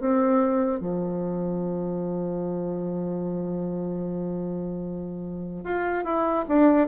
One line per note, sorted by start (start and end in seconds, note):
0.00 0.80 C4
0.80 5.64 F3
5.64 6.04 F4
6.04 6.45 E4
6.48 6.88 D4